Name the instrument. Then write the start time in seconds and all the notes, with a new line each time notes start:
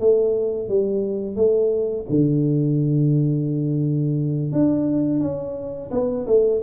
tuba
0.00 A3
0.68 G3
1.36 A3
2.09 D3
4.53 D4
5.20 C#4
5.91 B3
6.27 A3